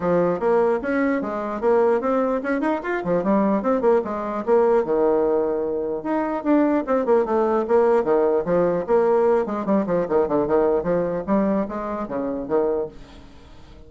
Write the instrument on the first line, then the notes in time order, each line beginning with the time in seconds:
bassoon
0.00 F3
0.39 A#3
0.81 C#4
1.21 G#3
1.61 A#3
2.00 C4
2.43 C#4
2.61 D#4
2.83 F4
3.04 F3
3.23 G3
3.62 C4
3.81 A#3
4.04 G#3
4.45 A#3
4.84 D#3
6.03 D#4
6.43 D4
6.87 C4
7.05 A#3
7.25 A3
7.67 A#3
8.03 D#3
8.45 F3
8.86 A#3
9.45 G#3
9.65 G3
9.86 F3
10.08 D#3
10.27 D3
10.47 D#3
10.83 F3
11.26 G3
11.68 G#3
12.07 C#3
12.47 D#3